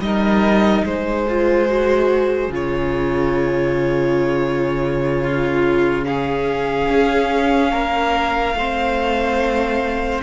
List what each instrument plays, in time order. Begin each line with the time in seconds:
0.00 cello G3, viola D#4, violin D#5
0.06 violin A#4
0.85 cello G#3, violin G#4 C5
1.28 viola F4
1.69 viola F#4
2.49 cello C#3, viola F4
2.56 violin C#5
5.22 violin F4
6.05 viola C#4, violin G#4 F5
6.90 cello C#4
7.72 cello A#3, violin A#4
8.54 cello A3, viola C4, violin C5